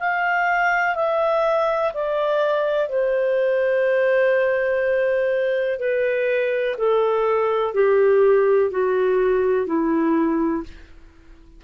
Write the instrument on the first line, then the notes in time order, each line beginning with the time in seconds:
clarinet
0.00 F5
0.96 E5
1.94 D5
2.89 C5
5.80 B4
6.78 A4
7.74 G4
8.71 F#4
9.67 E4